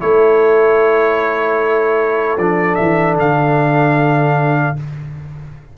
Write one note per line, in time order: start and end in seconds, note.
0.00 2.37 A3
0.00 2.37 E4
0.00 4.76 A4
0.00 2.37 C#5
2.37 2.76 F3
2.37 4.76 D4
2.37 2.75 D5
2.75 3.15 E3
2.75 3.14 E5
3.15 4.73 D3
3.15 4.77 F5